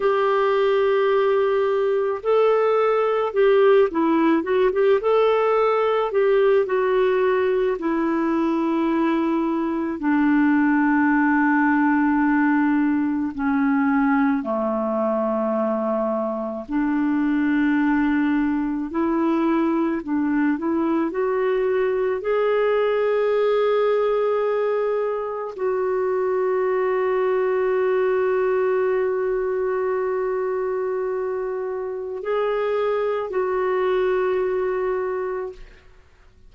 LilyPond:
\new Staff \with { instrumentName = "clarinet" } { \time 4/4 \tempo 4 = 54 g'2 a'4 g'8 e'8 | fis'16 g'16 a'4 g'8 fis'4 e'4~ | e'4 d'2. | cis'4 a2 d'4~ |
d'4 e'4 d'8 e'8 fis'4 | gis'2. fis'4~ | fis'1~ | fis'4 gis'4 fis'2 | }